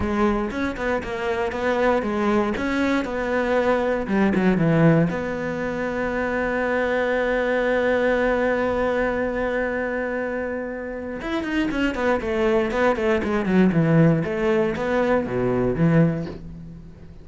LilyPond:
\new Staff \with { instrumentName = "cello" } { \time 4/4 \tempo 4 = 118 gis4 cis'8 b8 ais4 b4 | gis4 cis'4 b2 | g8 fis8 e4 b2~ | b1~ |
b1~ | b2 e'8 dis'8 cis'8 b8 | a4 b8 a8 gis8 fis8 e4 | a4 b4 b,4 e4 | }